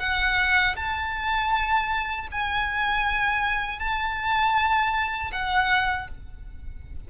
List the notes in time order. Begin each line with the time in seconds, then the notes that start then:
0.00 F#5
0.76 A5
2.32 G#5
3.79 A5
5.32 F#5